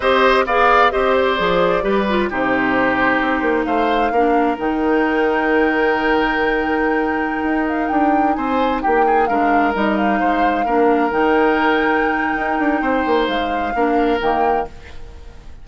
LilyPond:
<<
  \new Staff \with { instrumentName = "flute" } { \time 4/4 \tempo 4 = 131 dis''4 f''4 dis''8 d''4.~ | d''4 c''2. | f''2 g''2~ | g''1~ |
g''8. f''8 g''4 gis''4 g''8.~ | g''16 f''4 dis''8 f''2~ f''16~ | f''16 g''2.~ g''8.~ | g''4 f''2 g''4 | }
  \new Staff \with { instrumentName = "oboe" } { \time 4/4 c''4 d''4 c''2 | b'4 g'2. | c''4 ais'2.~ | ais'1~ |
ais'2~ ais'16 c''4 g'8 gis'16~ | gis'16 ais'2 c''4 ais'8.~ | ais'1 | c''2 ais'2 | }
  \new Staff \with { instrumentName = "clarinet" } { \time 4/4 g'4 gis'4 g'4 gis'4 | g'8 f'8 dis'2.~ | dis'4 d'4 dis'2~ | dis'1~ |
dis'1~ | dis'16 d'4 dis'2 d'8.~ | d'16 dis'2.~ dis'8.~ | dis'2 d'4 ais4 | }
  \new Staff \with { instrumentName = "bassoon" } { \time 4/4 c'4 b4 c'4 f4 | g4 c2 c'8 ais8 | a4 ais4 dis2~ | dis1~ |
dis16 dis'4 d'4 c'4 ais8.~ | ais16 gis4 g4 gis4 ais8.~ | ais16 dis2~ dis8. dis'8 d'8 | c'8 ais8 gis4 ais4 dis4 | }
>>